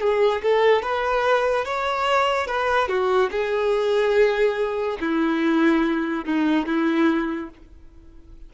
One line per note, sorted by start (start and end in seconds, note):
0.00 0.42 G#4
0.42 0.82 A4
0.82 1.65 B4
1.65 2.47 C#5
2.47 2.88 B4
2.88 3.30 F#4
3.31 4.98 G#4
5.01 6.25 E4
6.25 6.66 D#4
6.66 7.50 E4